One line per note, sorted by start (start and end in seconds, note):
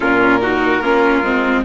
0.00 0.81 A#2
0.00 0.40 C#4
0.00 0.41 F4
0.00 1.61 A#4
0.40 0.81 D#4
0.40 0.82 F#4
0.81 1.22 A#3
0.81 1.23 C#4
0.81 1.64 F4
1.22 1.64 G#3
1.22 1.64 C4